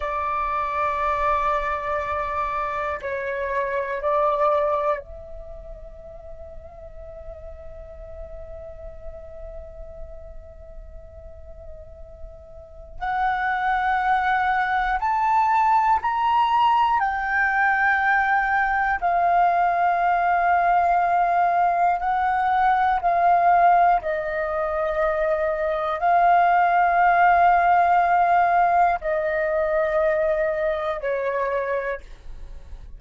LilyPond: \new Staff \with { instrumentName = "flute" } { \time 4/4 \tempo 4 = 60 d''2. cis''4 | d''4 e''2.~ | e''1~ | e''4 fis''2 a''4 |
ais''4 g''2 f''4~ | f''2 fis''4 f''4 | dis''2 f''2~ | f''4 dis''2 cis''4 | }